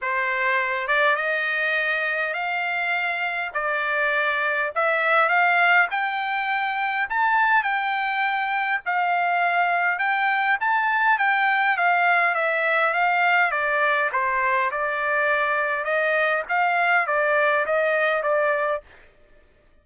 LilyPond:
\new Staff \with { instrumentName = "trumpet" } { \time 4/4 \tempo 4 = 102 c''4. d''8 dis''2 | f''2 d''2 | e''4 f''4 g''2 | a''4 g''2 f''4~ |
f''4 g''4 a''4 g''4 | f''4 e''4 f''4 d''4 | c''4 d''2 dis''4 | f''4 d''4 dis''4 d''4 | }